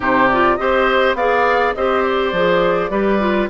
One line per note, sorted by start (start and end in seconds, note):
0.00 0.58 C3
0.00 0.27 D#4
0.00 0.55 G4
0.00 0.28 C5
0.28 0.58 F4
0.28 0.56 D5
0.56 1.14 C4
0.56 1.16 G4
0.56 1.16 C5
0.56 1.14 D#5
1.14 1.72 B3
1.14 1.76 G#4
1.14 1.75 D5
1.14 1.73 F5
1.74 2.32 C4
1.74 2.34 G4
1.74 2.91 C5
1.74 2.02 D#5
2.02 3.47 D5
2.32 2.90 F3
2.32 2.90 G#4
2.90 3.48 G3
2.90 3.19 G4
2.90 3.49 B4
3.19 3.48 F4